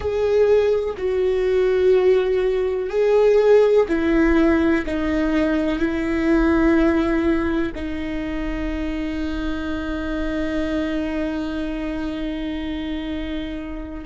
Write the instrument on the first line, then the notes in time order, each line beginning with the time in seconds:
viola
0.00 G#4
0.97 F#4
2.89 G#4
3.88 E4
4.86 D#4
5.78 E4
7.75 D#4